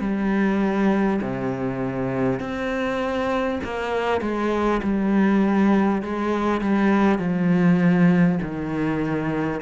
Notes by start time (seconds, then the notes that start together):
0.00 G3
1.22 C3
2.39 C4
3.64 A#3
4.21 G#3
4.82 G3
6.02 G#3
6.61 G3
7.18 F3
8.41 D#3